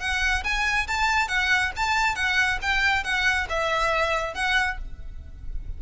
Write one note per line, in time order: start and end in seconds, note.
0.00 0.43 F#5
0.44 0.87 G#5
0.87 1.28 A5
1.28 1.72 F#5
1.76 2.15 A5
2.15 2.59 F#5
2.62 3.04 G5
3.04 3.47 F#5
3.49 4.34 E5
4.34 4.78 F#5